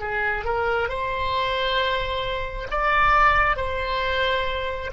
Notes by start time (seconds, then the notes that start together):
0.00 G#4
0.44 A#4
0.88 C5
2.71 D5
3.56 C5